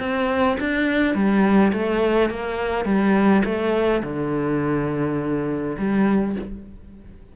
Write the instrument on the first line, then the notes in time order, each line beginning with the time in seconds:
cello
0.00 C4
0.60 D4
1.15 G3
1.73 A3
2.30 A#3
2.85 G3
3.45 A3
4.04 D3
5.79 G3